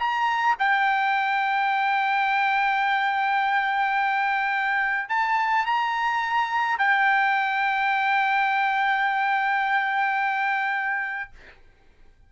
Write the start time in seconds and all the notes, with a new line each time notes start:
0.00 A#5
0.59 G5
5.09 A5
5.66 A#5
6.78 G5